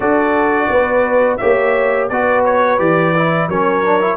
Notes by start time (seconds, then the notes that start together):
0.00 D4 F#4 A4 D5
0.69 B3 B4
1.37 A#3 G4 C#5 E5
2.09 B3 F#4 B4 D5
2.44 C#5
2.78 E3 G4 D5
3.16 E4
3.48 F#3 C#4 A#4 C#5
3.84 D4
4.00 E4